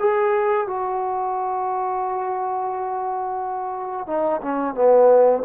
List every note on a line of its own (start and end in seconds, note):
0.00 0.67 G#4
0.67 4.07 F#4
4.07 4.41 D#4
4.42 4.74 C#4
4.74 5.43 B3